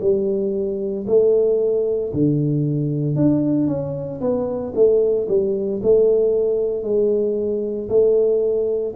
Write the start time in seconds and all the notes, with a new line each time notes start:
0.00 G3
1.07 A3
2.13 D3
3.16 D4
3.67 C#4
4.20 B3
4.75 A3
5.28 G3
5.82 A3
6.83 G#3
7.89 A3